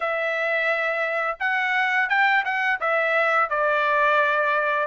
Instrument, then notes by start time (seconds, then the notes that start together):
trumpet
0.00 E5
1.39 F#5
2.09 G5
2.45 F#5
2.80 E5
3.49 D5